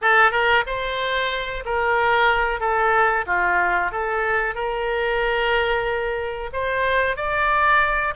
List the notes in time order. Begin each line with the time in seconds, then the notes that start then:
0.01 A4
0.31 A#4
0.66 C5
1.65 A#4
2.60 A4
3.26 F4
3.91 A4
4.54 A#4
6.52 C5
7.16 D5